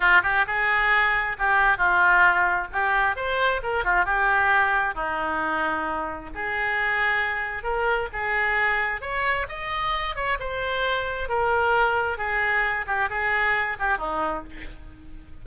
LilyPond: \new Staff \with { instrumentName = "oboe" } { \time 4/4 \tempo 4 = 133 f'8 g'8 gis'2 g'4 | f'2 g'4 c''4 | ais'8 f'8 g'2 dis'4~ | dis'2 gis'2~ |
gis'4 ais'4 gis'2 | cis''4 dis''4. cis''8 c''4~ | c''4 ais'2 gis'4~ | gis'8 g'8 gis'4. g'8 dis'4 | }